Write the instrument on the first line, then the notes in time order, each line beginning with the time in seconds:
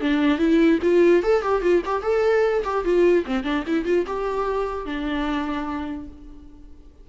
viola
0.00 D4
0.38 E4
0.82 F4
1.22 A4
1.42 G4
1.61 F4
1.85 G4
2.02 A4
2.64 G4
2.84 F4
3.25 C4
3.43 D4
3.66 E4
3.85 F4
4.06 G4
4.85 D4